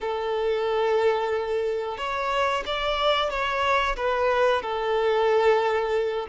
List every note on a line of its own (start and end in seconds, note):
0.00 1.97 A4
1.97 2.63 C#5
2.66 3.30 D5
3.30 3.96 C#5
3.96 4.62 B4
4.62 6.26 A4